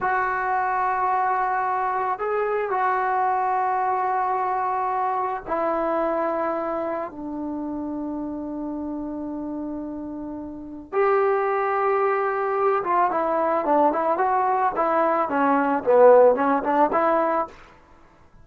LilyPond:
\new Staff \with { instrumentName = "trombone" } { \time 4/4 \tempo 4 = 110 fis'1 | gis'4 fis'2.~ | fis'2 e'2~ | e'4 d'2.~ |
d'1 | g'2.~ g'8 f'8 | e'4 d'8 e'8 fis'4 e'4 | cis'4 b4 cis'8 d'8 e'4 | }